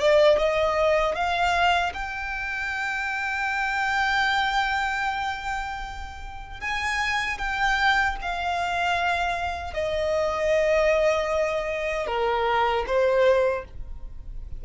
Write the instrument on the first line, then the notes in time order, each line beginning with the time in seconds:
violin
0.00 D5
0.39 D#5
1.15 F5
1.94 G5
6.61 G#5
7.38 G5
8.22 F5
9.74 D#5
12.07 A#4
12.87 C5